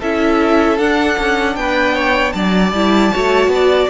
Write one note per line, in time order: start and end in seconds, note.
0.00 0.79 C#4
0.00 0.79 E4
0.00 1.56 A4
0.00 0.79 E5
0.79 1.18 D4
0.79 2.74 D4
0.79 1.56 F#5
1.19 1.56 C#4
1.56 2.34 B3
1.56 1.95 B4
1.56 2.33 G5
1.95 2.34 C#5
2.33 2.73 F#3
2.33 3.12 D5
2.33 3.88 A5
2.73 3.12 G3
2.73 3.13 E4
3.12 3.48 A3
3.12 3.90 F#4
3.12 3.51 C#5
3.48 3.87 B3
3.55 3.90 D5